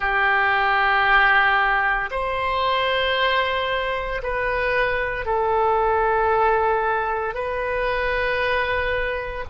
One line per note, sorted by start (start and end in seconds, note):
0.00 2.10 G4
2.11 4.21 C5
4.22 5.25 B4
5.25 7.34 A4
7.34 9.44 B4